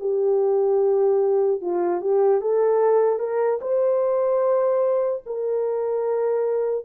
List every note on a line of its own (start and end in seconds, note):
0.00 1.61 G4
1.61 2.01 F4
2.01 2.41 G4
2.41 3.19 A4
3.19 3.59 A#4
3.61 5.23 C5
5.26 6.85 A#4